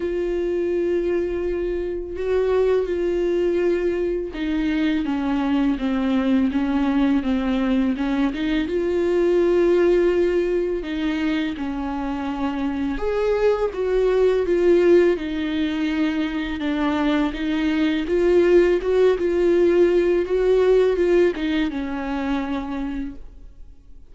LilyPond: \new Staff \with { instrumentName = "viola" } { \time 4/4 \tempo 4 = 83 f'2. fis'4 | f'2 dis'4 cis'4 | c'4 cis'4 c'4 cis'8 dis'8 | f'2. dis'4 |
cis'2 gis'4 fis'4 | f'4 dis'2 d'4 | dis'4 f'4 fis'8 f'4. | fis'4 f'8 dis'8 cis'2 | }